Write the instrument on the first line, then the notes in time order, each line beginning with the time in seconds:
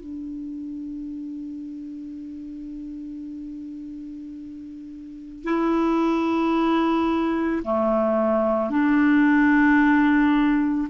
clarinet
0.00 D4
5.44 E4
7.64 A3
8.70 D4